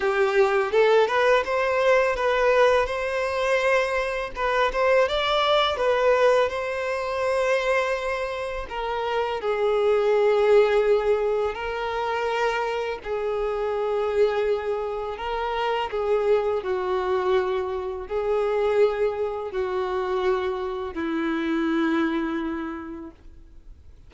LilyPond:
\new Staff \with { instrumentName = "violin" } { \time 4/4 \tempo 4 = 83 g'4 a'8 b'8 c''4 b'4 | c''2 b'8 c''8 d''4 | b'4 c''2. | ais'4 gis'2. |
ais'2 gis'2~ | gis'4 ais'4 gis'4 fis'4~ | fis'4 gis'2 fis'4~ | fis'4 e'2. | }